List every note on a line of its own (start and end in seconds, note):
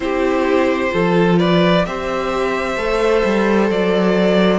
0.00 0.91 C4
0.00 0.90 E4
0.00 0.93 G4
0.00 1.36 C5
0.90 1.86 F3
0.90 1.82 F4
0.90 1.39 A4
1.39 1.85 B4
1.39 1.85 D5
1.85 2.76 C4
1.85 2.77 G4
1.85 4.59 C5
1.85 3.69 E5
2.76 3.22 A3
2.76 4.59 A4
3.24 3.69 G3
3.69 4.59 F#3
3.69 4.59 D5